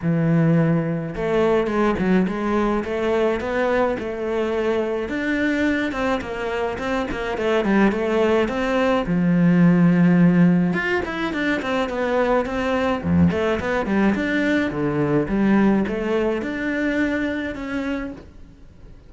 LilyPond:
\new Staff \with { instrumentName = "cello" } { \time 4/4 \tempo 4 = 106 e2 a4 gis8 fis8 | gis4 a4 b4 a4~ | a4 d'4. c'8 ais4 | c'8 ais8 a8 g8 a4 c'4 |
f2. f'8 e'8 | d'8 c'8 b4 c'4 f,8 a8 | b8 g8 d'4 d4 g4 | a4 d'2 cis'4 | }